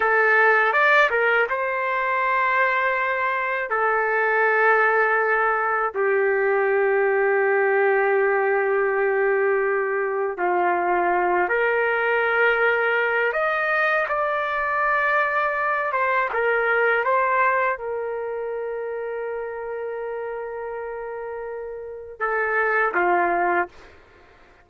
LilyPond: \new Staff \with { instrumentName = "trumpet" } { \time 4/4 \tempo 4 = 81 a'4 d''8 ais'8 c''2~ | c''4 a'2. | g'1~ | g'2 f'4. ais'8~ |
ais'2 dis''4 d''4~ | d''4. c''8 ais'4 c''4 | ais'1~ | ais'2 a'4 f'4 | }